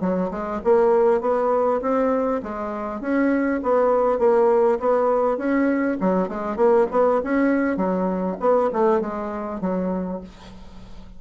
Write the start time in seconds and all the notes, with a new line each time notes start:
0.00 F#3
0.30 G#3
0.64 A#3
1.21 B3
1.81 C4
2.42 G#3
3.00 C#4
3.62 B3
4.18 A#3
4.79 B3
5.37 C#4
6.00 F#3
6.28 G#3
6.56 A#3
6.91 B3
7.23 C#4
7.76 F#3
8.40 B3
8.72 A3
9.00 G#3
9.60 F#3